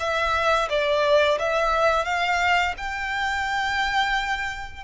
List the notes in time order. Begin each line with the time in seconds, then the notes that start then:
0.00 E5
0.70 D5
1.39 E5
2.05 F5
2.78 G5